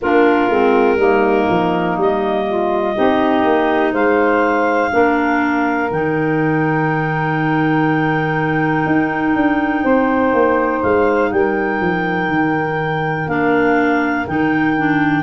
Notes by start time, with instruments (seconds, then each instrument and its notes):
0.01 tuba A#3, clarinet D4 A#4, saxophone F4
0.49 tuba G#3, clarinet C4
0.95 tuba G3, clarinet A#3, saxophone D#4
1.49 tuba F3
1.97 tuba G3, clarinet D#5
2.46 saxophone F4
2.94 tuba C4, clarinet D#4, saxophone G4
3.44 tuba A#3
3.92 tuba G#3, saxophone C5, clarinet F5
4.91 tuba A#3, clarinet D4, saxophone A#4
5.91 tuba D#3, clarinet D#4 G5
8.85 tuba D#4
9.35 tuba D4
9.83 tuba C4, saxophone C5
10.33 tuba A#3
10.82 tuba G#3, clarinet F5
11.30 tuba G3, saxophone A#4, clarinet G5
11.80 tuba F3
12.28 tuba D#3
13.27 tuba A#3, clarinet D4 F5
14.27 tuba D#3, clarinet D#4 G5
14.77 clarinet D4